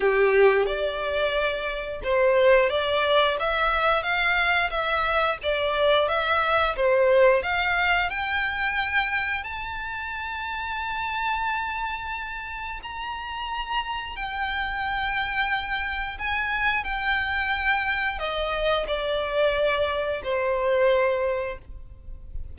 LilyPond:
\new Staff \with { instrumentName = "violin" } { \time 4/4 \tempo 4 = 89 g'4 d''2 c''4 | d''4 e''4 f''4 e''4 | d''4 e''4 c''4 f''4 | g''2 a''2~ |
a''2. ais''4~ | ais''4 g''2. | gis''4 g''2 dis''4 | d''2 c''2 | }